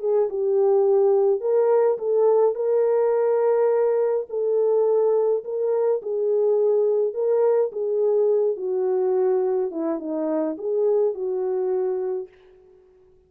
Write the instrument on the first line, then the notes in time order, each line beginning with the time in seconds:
horn
0.00 G#4
0.30 G4
1.41 A#4
1.98 A4
2.55 A#4
4.30 A4
5.44 A#4
6.02 G#4
7.14 A#4
7.72 G#4
8.57 F#4
9.71 E4
9.99 D#4
10.58 G#4
11.14 F#4